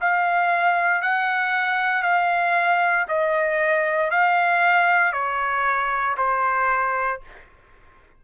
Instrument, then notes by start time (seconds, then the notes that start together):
trumpet
0.00 F5
1.01 F#5
2.02 F5
3.08 D#5
4.10 F5
5.12 C#5
6.17 C5